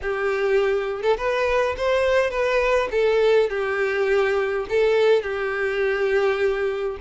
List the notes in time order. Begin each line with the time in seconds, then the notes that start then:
0.02 G4
1.02 A4
1.17 B4
1.77 C5
2.30 B4
2.91 A4
3.49 G4
4.69 A4
5.22 G4